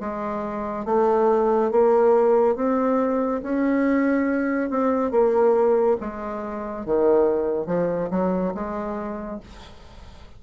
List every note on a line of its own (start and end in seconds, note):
0.00 0.85 G#3
0.85 1.71 A3
1.71 2.56 A#3
2.56 3.41 C4
3.43 4.70 C#4
4.70 5.11 C4
5.11 5.97 A#3
6.00 6.86 G#3
6.86 7.66 D#3
7.66 8.09 F3
8.11 8.54 F#3
8.54 9.40 G#3